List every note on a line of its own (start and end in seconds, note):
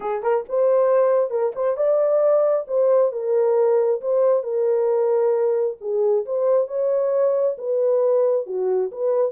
0.00 0.22 G#4
0.22 0.44 A#4
0.48 1.30 C5
1.30 1.52 A#4
1.55 1.77 C5
1.77 2.65 D5
2.67 3.12 C5
3.12 4.00 A#4
4.01 4.43 C5
4.43 5.76 A#4
5.81 6.25 G#4
6.25 6.67 C5
6.67 7.56 C#5
7.58 8.46 B4
8.46 8.91 F#4
8.91 9.31 B4